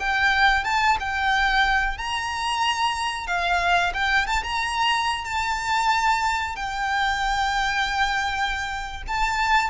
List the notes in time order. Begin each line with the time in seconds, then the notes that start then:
0.00 G5
0.65 A5
1.00 G5
1.98 A#5
3.28 F5
3.94 G5
4.27 A5
4.44 A#5
5.25 A5
6.56 G5
9.08 A5